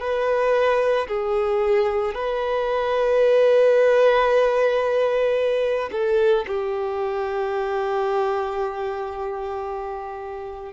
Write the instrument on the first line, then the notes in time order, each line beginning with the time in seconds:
violin
0.00 B4
1.08 G#4
2.14 B4
5.92 A4
6.47 G4